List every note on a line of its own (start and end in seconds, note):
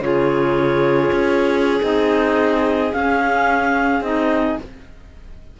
0.00 1.10 C#3
0.00 1.81 F4
0.00 4.59 G#4
0.00 1.79 C#5
1.12 1.81 C#4
1.81 2.93 C4
1.81 2.91 D#4
1.81 2.93 D#5
2.93 4.03 C#4
2.93 4.00 C#4
2.93 4.03 F5
4.00 4.55 C4
4.00 4.58 D#4
4.00 4.58 D#5